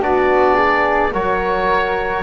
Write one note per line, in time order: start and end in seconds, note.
0.00 1.12 B3
0.00 1.11 D4
0.00 0.54 F#4
0.00 1.14 D5
0.54 1.10 G#4
1.12 2.23 F#3
1.12 2.23 F#4
1.12 2.23 A#4
1.12 2.23 C#5